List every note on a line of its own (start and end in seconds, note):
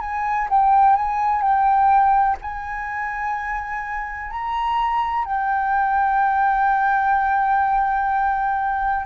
0.00 0.48 G#5
0.49 0.95 G5
0.95 1.42 G#5
1.42 2.37 G5
2.41 4.30 G#5
4.30 5.25 A#5
5.25 9.05 G5